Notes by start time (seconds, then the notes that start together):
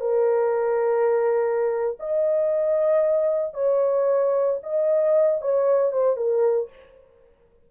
0.00 A#4
2.00 D#5
3.54 C#5
4.63 D#5
5.41 C#5
5.92 C5
6.17 A#4